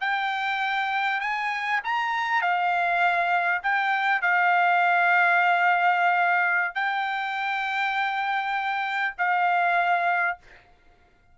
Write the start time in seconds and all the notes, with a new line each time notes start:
0.00 G5
1.20 G#5
1.84 A#5
2.41 F5
3.62 G5
4.21 F5
6.74 G5
9.18 F5